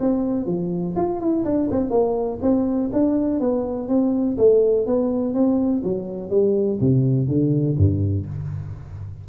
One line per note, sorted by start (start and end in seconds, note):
0.00 0.46 C4
0.46 0.94 F3
0.96 1.20 F4
1.20 1.44 E4
1.45 1.69 D4
1.71 1.90 C4
1.90 2.39 A#3
2.42 2.90 C4
2.92 3.40 D4
3.40 3.88 B3
3.88 4.37 C4
4.38 4.86 A3
4.86 5.34 B3
5.34 5.83 C4
5.83 6.30 F#3
6.30 6.78 G3
6.80 7.27 C3
7.27 7.76 D3
7.78 8.26 G2